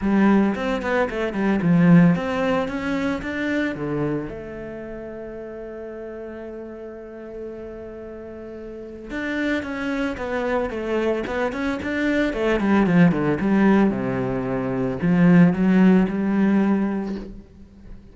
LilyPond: \new Staff \with { instrumentName = "cello" } { \time 4/4 \tempo 4 = 112 g4 c'8 b8 a8 g8 f4 | c'4 cis'4 d'4 d4 | a1~ | a1~ |
a4 d'4 cis'4 b4 | a4 b8 cis'8 d'4 a8 g8 | f8 d8 g4 c2 | f4 fis4 g2 | }